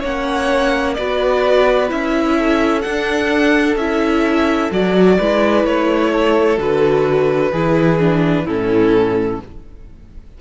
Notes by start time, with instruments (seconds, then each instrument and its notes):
0.00 cello A#3, viola C#4, violin C#5 F#5
0.94 cello B3, viola F#4, violin B4 D5
1.88 cello C#4, viola E4, violin E5
2.37 violin A4
2.81 viola D4, cello D4, violin F#5
3.76 cello C#4, viola E4, violin E5
4.71 cello F#3, viola F#4, violin D5
5.18 cello G#3, viola E4, violin B4
5.64 cello A3, violin C#5
6.11 violin A4
6.58 cello D3, viola F#4, violin B4
7.51 cello E3, viola E4, violin G#4
7.99 viola D4
8.44 cello A2, viola C#4, violin E4 A4